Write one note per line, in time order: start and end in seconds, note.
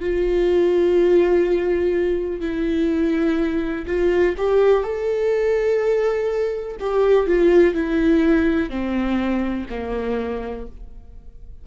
0.00 2.41 F4
2.41 3.86 E4
3.87 4.35 F4
4.37 4.83 G4
4.83 6.77 A4
6.80 7.27 G4
7.27 7.74 F4
7.74 8.70 E4
8.70 9.66 C4
9.70 10.67 A#3